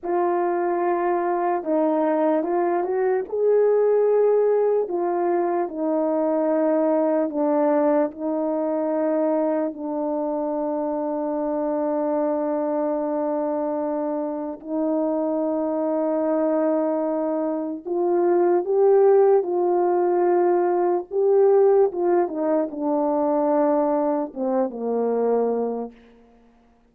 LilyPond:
\new Staff \with { instrumentName = "horn" } { \time 4/4 \tempo 4 = 74 f'2 dis'4 f'8 fis'8 | gis'2 f'4 dis'4~ | dis'4 d'4 dis'2 | d'1~ |
d'2 dis'2~ | dis'2 f'4 g'4 | f'2 g'4 f'8 dis'8 | d'2 c'8 ais4. | }